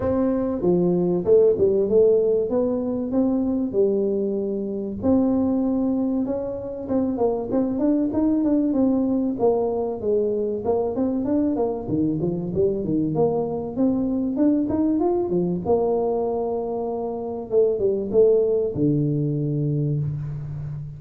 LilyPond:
\new Staff \with { instrumentName = "tuba" } { \time 4/4 \tempo 4 = 96 c'4 f4 a8 g8 a4 | b4 c'4 g2 | c'2 cis'4 c'8 ais8 | c'8 d'8 dis'8 d'8 c'4 ais4 |
gis4 ais8 c'8 d'8 ais8 dis8 f8 | g8 dis8 ais4 c'4 d'8 dis'8 | f'8 f8 ais2. | a8 g8 a4 d2 | }